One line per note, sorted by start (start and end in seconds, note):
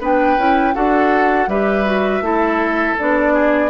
0.00 0.37 B3
0.00 0.38 D4
0.00 0.74 B4
0.00 0.75 G5
0.37 0.75 C#4
0.37 0.74 E4
0.74 1.47 D4
0.74 1.48 F#4
0.74 1.49 A4
0.74 1.49 F#5
1.47 2.21 G3
1.47 1.85 G4
1.47 2.24 B4
1.47 2.97 E5
1.85 2.23 F#4
2.21 2.95 A3
2.21 2.97 E4
2.21 3.33 A4
2.99 3.70 B3
2.99 3.70 D4
2.99 3.70 D5
3.33 3.70 G#4